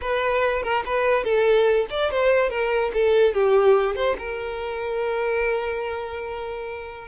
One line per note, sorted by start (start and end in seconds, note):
0.01 0.62 B4
0.62 0.83 A#4
0.85 1.24 B4
1.24 1.86 A4
1.89 2.10 D5
2.10 2.49 C5
2.49 2.91 A#4
2.93 3.34 A4
3.34 3.95 G4
3.95 4.16 C5
4.18 7.07 A#4